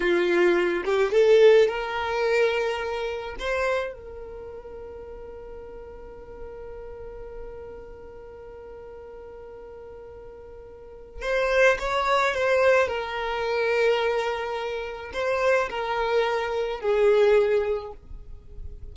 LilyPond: \new Staff \with { instrumentName = "violin" } { \time 4/4 \tempo 4 = 107 f'4. g'8 a'4 ais'4~ | ais'2 c''4 ais'4~ | ais'1~ | ais'1~ |
ais'1 | c''4 cis''4 c''4 ais'4~ | ais'2. c''4 | ais'2 gis'2 | }